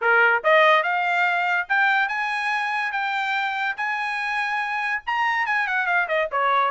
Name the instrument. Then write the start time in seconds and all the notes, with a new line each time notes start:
trumpet
0.01 A#4
0.43 D#5
0.83 F5
1.68 G5
2.08 G#5
2.92 G5
3.76 G#5
5.06 A#5
5.46 G#5
5.67 F#5
5.86 F5
6.07 D#5
6.31 C#5